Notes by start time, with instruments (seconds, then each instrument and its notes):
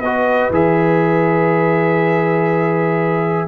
0.00 tuba B3, trombone F#4, horn B4, trumpet D#5
0.50 tuba E3, trombone G#4, trumpet E5